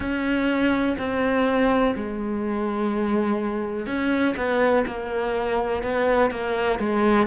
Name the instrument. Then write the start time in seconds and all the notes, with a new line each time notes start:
cello
0.00 C#4
0.98 C4
1.95 G#3
3.86 C#4
4.36 B3
4.87 A#3
5.82 B3
6.30 A#3
6.79 G#3